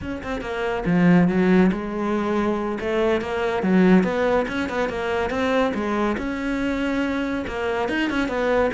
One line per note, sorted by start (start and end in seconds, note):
0.01 0.22 C#4
0.23 0.41 C4
0.41 0.83 A#3
0.85 1.28 F3
1.28 1.70 F#3
1.71 2.78 G#3
2.80 3.21 A3
3.21 3.62 A#3
3.62 4.03 F#3
4.03 4.46 B3
4.48 4.69 C#4
4.69 4.89 B3
4.89 5.30 A#3
5.30 5.72 C4
5.74 6.16 G#3
6.17 7.45 C#4
7.47 7.88 A#3
7.88 8.10 D#4
8.10 8.28 C#4
8.28 8.71 B3